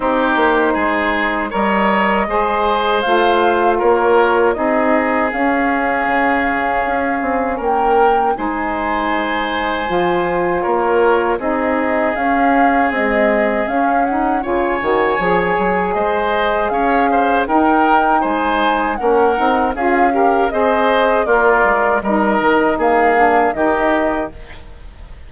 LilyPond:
<<
  \new Staff \with { instrumentName = "flute" } { \time 4/4 \tempo 4 = 79 c''2 dis''2 | f''4 cis''4 dis''4 f''4~ | f''2 g''4 gis''4~ | gis''2 cis''4 dis''4 |
f''4 dis''4 f''8 fis''8 gis''4~ | gis''4 dis''4 f''4 g''4 | gis''4 fis''4 f''4 dis''4 | d''4 dis''4 f''4 dis''4 | }
  \new Staff \with { instrumentName = "oboe" } { \time 4/4 g'4 gis'4 cis''4 c''4~ | c''4 ais'4 gis'2~ | gis'2 ais'4 c''4~ | c''2 ais'4 gis'4~ |
gis'2. cis''4~ | cis''4 c''4 cis''8 c''8 ais'4 | c''4 ais'4 gis'8 ais'8 c''4 | f'4 ais'4 gis'4 g'4 | }
  \new Staff \with { instrumentName = "saxophone" } { \time 4/4 dis'2 ais'4 gis'4 | f'2 dis'4 cis'4~ | cis'2. dis'4~ | dis'4 f'2 dis'4 |
cis'4 gis4 cis'8 dis'8 f'8 fis'8 | gis'2. dis'4~ | dis'4 cis'8 dis'8 f'8 g'8 gis'4 | ais'4 dis'4. d'8 dis'4 | }
  \new Staff \with { instrumentName = "bassoon" } { \time 4/4 c'8 ais8 gis4 g4 gis4 | a4 ais4 c'4 cis'4 | cis4 cis'8 c'8 ais4 gis4~ | gis4 f4 ais4 c'4 |
cis'4 c'4 cis'4 cis8 dis8 | f8 fis8 gis4 cis'4 dis'4 | gis4 ais8 c'8 cis'4 c'4 | ais8 gis8 g8 dis8 ais4 dis4 | }
>>